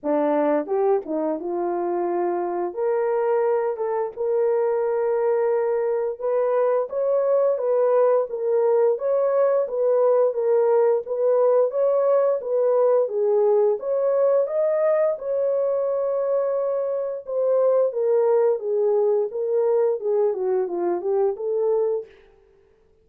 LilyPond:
\new Staff \with { instrumentName = "horn" } { \time 4/4 \tempo 4 = 87 d'4 g'8 dis'8 f'2 | ais'4. a'8 ais'2~ | ais'4 b'4 cis''4 b'4 | ais'4 cis''4 b'4 ais'4 |
b'4 cis''4 b'4 gis'4 | cis''4 dis''4 cis''2~ | cis''4 c''4 ais'4 gis'4 | ais'4 gis'8 fis'8 f'8 g'8 a'4 | }